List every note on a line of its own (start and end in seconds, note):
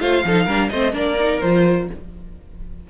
0.00 0.24 A3
0.00 0.24 F4
0.00 0.25 C5
0.00 0.70 F5
0.25 0.47 F3
0.25 0.48 D#4
0.25 0.46 A4
0.46 0.70 G3
0.46 0.72 D4
0.46 0.69 A#4
0.70 0.94 A3
0.70 0.93 C4
0.70 0.93 C5
0.70 0.94 D#5
0.93 1.42 A#3
0.93 1.17 D4
0.93 1.88 A#4
0.93 1.41 D5
1.20 1.43 D#4
1.41 1.90 F3
1.41 1.90 F4
1.41 1.88 C5